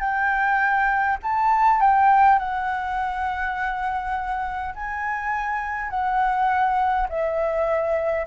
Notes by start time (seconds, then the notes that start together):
0.00 G5
1.23 A5
1.81 G5
2.39 F#5
4.75 G#5
5.90 F#5
7.09 E5